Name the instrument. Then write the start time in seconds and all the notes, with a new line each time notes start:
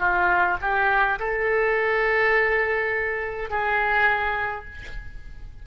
oboe
0.00 F4
0.61 G4
1.20 A4
3.50 G#4